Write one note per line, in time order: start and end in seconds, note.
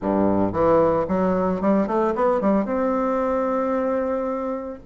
0.01 0.52 G2
0.52 1.06 E3
1.08 1.61 F#3
1.61 1.87 G3
1.87 2.14 A3
2.15 2.40 B3
2.40 2.65 G3
2.65 4.79 C4